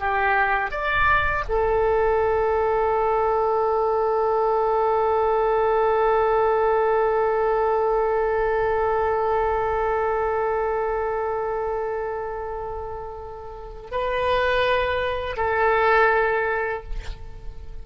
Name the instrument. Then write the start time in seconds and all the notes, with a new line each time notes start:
oboe
0.00 G4
0.72 D5
1.49 A4
13.92 B4
15.37 A4